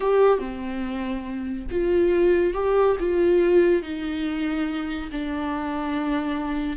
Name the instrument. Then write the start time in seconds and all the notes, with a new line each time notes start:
viola
0.00 G4
0.38 C4
1.70 F4
2.53 G4
2.99 F4
3.82 D#4
5.11 D4